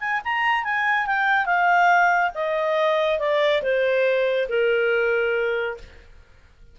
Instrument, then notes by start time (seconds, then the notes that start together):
clarinet
0.00 G#5
0.25 A#5
0.64 G#5
1.07 G5
1.46 F5
2.35 D#5
3.19 D5
3.62 C5
4.49 A#4